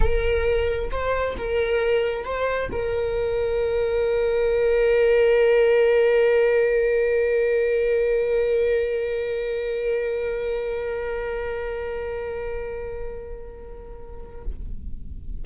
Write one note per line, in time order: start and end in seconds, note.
0.00 0.90 A#4
0.91 1.36 C5
1.37 2.24 A#4
2.24 2.69 C5
2.71 14.44 A#4